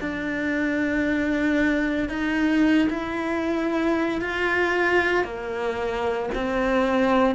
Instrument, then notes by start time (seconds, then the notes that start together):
cello
0.00 D4
2.09 D#4
2.89 E4
4.21 F4
5.23 A#3
6.34 C4